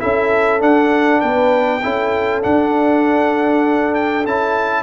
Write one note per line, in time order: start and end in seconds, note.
0.00 0.62 C#4
0.00 0.60 E4
0.00 1.21 A4
0.00 0.61 E5
0.60 1.81 D4
0.60 1.22 D4
0.60 1.21 F#5
1.21 1.84 B3
1.21 1.82 B4
1.21 2.42 G5
1.83 2.46 C#4
1.83 2.43 E4
1.83 4.84 A4
2.43 4.25 D4
2.43 4.27 D4
2.43 3.95 F#5
3.95 4.26 G5
4.27 4.84 C#4
4.27 4.84 E4
4.27 4.84 A5